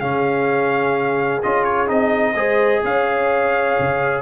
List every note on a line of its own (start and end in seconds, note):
0.00 1.41 C#3
0.00 1.41 C#4
0.00 2.34 G#4
0.00 1.41 F5
1.42 1.89 C#4
1.42 1.87 F4
1.42 1.64 D#5
1.64 1.88 C#5
1.87 2.34 C4
1.87 2.34 D#4
1.87 2.83 D#5
2.34 2.81 G#3
2.34 4.21 G#4
2.34 2.83 C5
2.83 3.77 C#4
2.83 4.21 C#5
2.83 4.21 F5
3.79 4.21 C#3